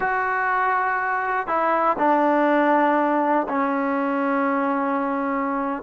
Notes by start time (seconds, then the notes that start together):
0.00 F#4
1.47 E4
1.98 D4
3.48 C#4